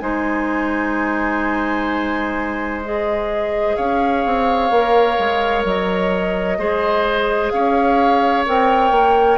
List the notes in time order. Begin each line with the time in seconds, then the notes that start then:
0.00 G#3 D#4 C5 G#5
2.84 G#4 D#5
3.77 C#4 C#5 F5
4.25 C4
4.71 A#3 A#4
5.19 G#3
5.65 F#3 D#5
6.58 G#3 G#4 C5
7.50 C#4 C#5 F5
8.46 C4 A#4 G5
8.91 A#3